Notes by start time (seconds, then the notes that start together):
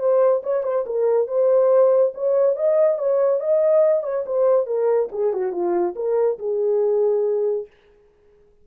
0.00 C5
0.44 C#5
0.64 C5
0.87 A#4
1.28 C5
2.15 C#5
2.56 D#5
2.99 C#5
3.40 D#5
4.04 C#5
4.26 C5
4.67 A#4
5.13 G#4
5.34 F#4
5.52 F4
5.96 A#4
6.39 G#4